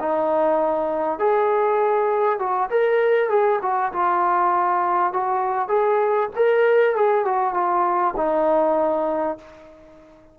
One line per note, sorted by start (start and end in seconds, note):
0.00 1.19 D#4
1.19 2.39 G#4
2.39 2.70 F#4
2.71 3.29 A#4
3.29 3.60 G#4
3.62 3.93 F#4
3.93 5.13 F4
5.13 5.69 F#4
5.69 6.29 G#4
6.36 6.96 A#4
6.96 7.26 G#4
7.26 7.54 F#4
7.54 8.15 F4
8.17 9.38 D#4